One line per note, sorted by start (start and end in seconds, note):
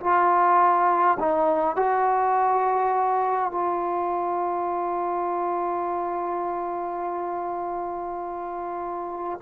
0.00 1.18 F4
1.19 1.76 D#4
1.76 3.52 F#4
3.52 9.40 F4